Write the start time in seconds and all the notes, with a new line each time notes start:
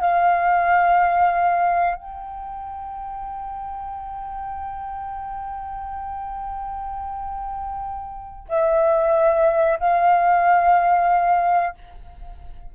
0.00 F5
1.95 G5
8.48 E5
9.79 F5